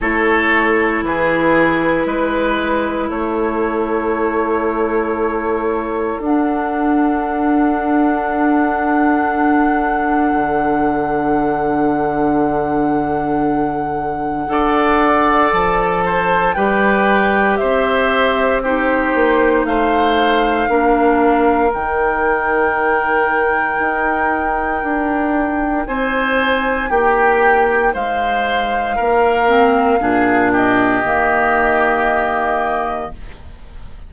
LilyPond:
<<
  \new Staff \with { instrumentName = "flute" } { \time 4/4 \tempo 4 = 58 cis''4 b'2 cis''4~ | cis''2 fis''2~ | fis''1~ | fis''2. a''4 |
g''4 e''4 c''4 f''4~ | f''4 g''2.~ | g''4 gis''4 g''4 f''4~ | f''4. dis''2~ dis''8 | }
  \new Staff \with { instrumentName = "oboe" } { \time 4/4 a'4 gis'4 b'4 a'4~ | a'1~ | a'1~ | a'2 d''4. c''8 |
b'4 c''4 g'4 c''4 | ais'1~ | ais'4 c''4 g'4 c''4 | ais'4 gis'8 g'2~ g'8 | }
  \new Staff \with { instrumentName = "clarinet" } { \time 4/4 e'1~ | e'2 d'2~ | d'1~ | d'2 a'2 |
g'2 dis'2 | d'4 dis'2.~ | dis'1~ | dis'8 c'8 d'4 ais2 | }
  \new Staff \with { instrumentName = "bassoon" } { \time 4/4 a4 e4 gis4 a4~ | a2 d'2~ | d'2 d2~ | d2 d'4 f4 |
g4 c'4. ais8 a4 | ais4 dis2 dis'4 | d'4 c'4 ais4 gis4 | ais4 ais,4 dis2 | }
>>